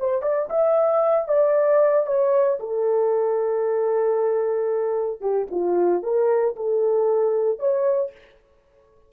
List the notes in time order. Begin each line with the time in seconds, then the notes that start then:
0.00 C5
0.22 D5
0.50 E5
1.28 D5
2.07 C#5
2.60 A4
5.21 G4
5.51 F4
6.03 A#4
6.56 A4
7.59 C#5